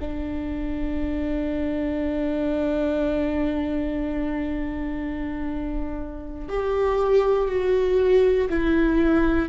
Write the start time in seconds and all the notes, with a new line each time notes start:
0.00 D4
6.49 G4
7.48 F#4
8.50 E4